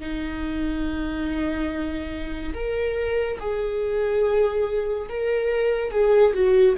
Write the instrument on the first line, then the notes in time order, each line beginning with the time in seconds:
viola
0.00 D#4
2.54 A#4
3.40 G#4
5.09 A#4
5.91 G#4
6.34 F#4